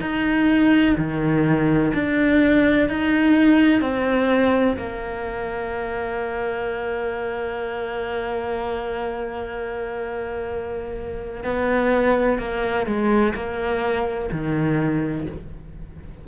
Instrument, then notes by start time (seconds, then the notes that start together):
cello
0.00 D#4
0.97 D#3
1.94 D4
2.89 D#4
3.81 C4
4.77 A#3
11.44 B3
12.39 A#3
12.86 G#3
13.34 A#3
14.32 D#3